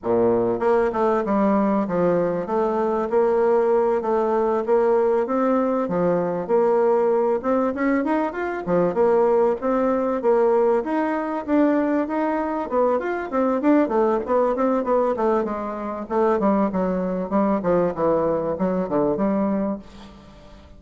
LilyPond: \new Staff \with { instrumentName = "bassoon" } { \time 4/4 \tempo 4 = 97 ais,4 ais8 a8 g4 f4 | a4 ais4. a4 ais8~ | ais8 c'4 f4 ais4. | c'8 cis'8 dis'8 f'8 f8 ais4 c'8~ |
c'8 ais4 dis'4 d'4 dis'8~ | dis'8 b8 f'8 c'8 d'8 a8 b8 c'8 | b8 a8 gis4 a8 g8 fis4 | g8 f8 e4 fis8 d8 g4 | }